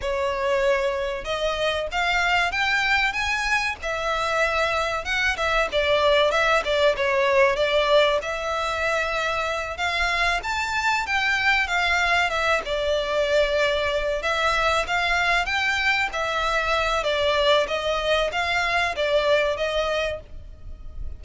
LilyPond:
\new Staff \with { instrumentName = "violin" } { \time 4/4 \tempo 4 = 95 cis''2 dis''4 f''4 | g''4 gis''4 e''2 | fis''8 e''8 d''4 e''8 d''8 cis''4 | d''4 e''2~ e''8 f''8~ |
f''8 a''4 g''4 f''4 e''8 | d''2~ d''8 e''4 f''8~ | f''8 g''4 e''4. d''4 | dis''4 f''4 d''4 dis''4 | }